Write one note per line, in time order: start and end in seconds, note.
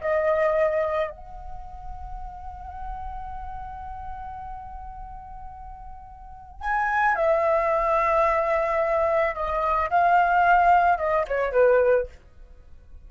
0.00 1.10 D#5
1.10 6.60 F#5
6.60 7.15 G#5
7.15 9.34 E5
9.34 9.89 D#5
9.90 10.98 F5
10.98 11.25 D#5
11.27 11.52 C#5
11.52 12.07 B4